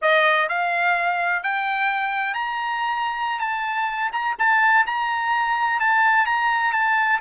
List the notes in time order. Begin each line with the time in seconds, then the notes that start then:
0.01 D#5
0.49 F5
1.43 G5
2.33 A#5
3.39 A5
4.12 A#5
4.39 A5
4.86 A#5
5.80 A5
6.26 A#5
6.72 A5